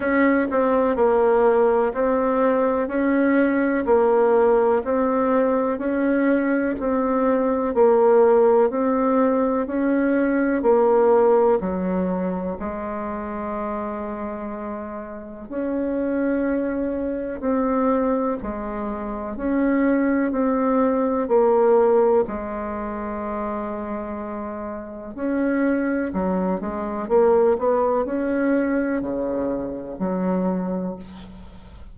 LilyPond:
\new Staff \with { instrumentName = "bassoon" } { \time 4/4 \tempo 4 = 62 cis'8 c'8 ais4 c'4 cis'4 | ais4 c'4 cis'4 c'4 | ais4 c'4 cis'4 ais4 | fis4 gis2. |
cis'2 c'4 gis4 | cis'4 c'4 ais4 gis4~ | gis2 cis'4 fis8 gis8 | ais8 b8 cis'4 cis4 fis4 | }